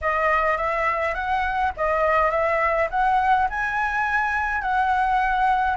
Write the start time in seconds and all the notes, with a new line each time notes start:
0.01 D#5
0.57 E5
1.14 F#5
1.76 D#5
2.31 E5
2.90 F#5
3.49 G#5
4.61 F#5